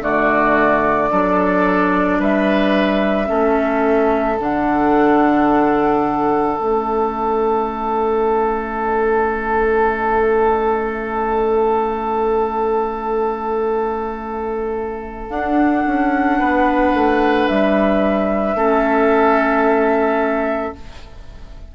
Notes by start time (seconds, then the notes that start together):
0.00 D3 A3 F#4 D5
1.10 F#3 D4 A4
2.19 G3 B4 E5
3.26 A3 C#4 A4
4.39 D3 D4 F#5
6.57 A3 C#4 E5
15.29 D4 F#5
15.86 C#4
16.38 B3 B4
16.93 A3
17.47 G3 E5
18.55 A3 C#4 A4